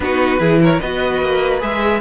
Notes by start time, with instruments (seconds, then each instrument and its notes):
0.00 cello B3, viola D#4, violin F#4 B4
0.39 cello E3, viola E4, violin G#4
0.62 violin A#4 C#5
0.80 cello B3, viola F#4, violin B4 D#5
1.21 cello A#3
1.60 cello G#3, viola G#4, violin E5